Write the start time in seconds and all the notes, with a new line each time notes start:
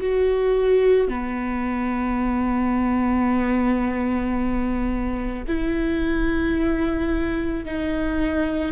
0.00 F#4
1.08 B3
5.47 E4
7.65 D#4